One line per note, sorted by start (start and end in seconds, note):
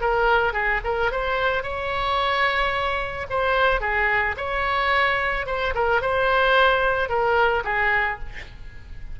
0.00 0.53 A#4
0.53 0.80 G#4
0.84 1.11 A#4
1.11 1.62 C5
1.62 3.26 C#5
3.30 3.80 C5
3.80 4.35 G#4
4.37 5.46 C#5
5.46 5.73 C5
5.74 6.01 A#4
6.01 7.08 C5
7.08 7.63 A#4
7.64 8.18 G#4